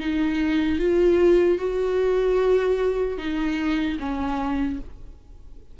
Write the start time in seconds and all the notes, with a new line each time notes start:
0.00 D#4
0.79 F4
1.59 F#4
3.18 D#4
4.00 C#4